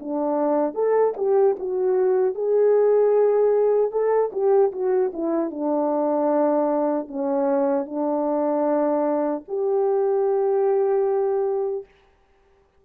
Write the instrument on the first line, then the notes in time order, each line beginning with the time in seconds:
horn
0.00 D4
0.75 A4
1.17 G4
1.60 F#4
2.35 G#4
3.92 A4
4.33 G4
4.73 F#4
5.14 E4
5.51 D4
7.08 C#4
7.86 D4
9.48 G4